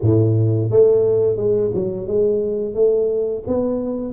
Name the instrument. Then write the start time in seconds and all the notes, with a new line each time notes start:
tuba
0.01 A2
0.70 A3
1.36 G#3
1.73 F#3
2.07 G#3
2.74 A3
3.47 B3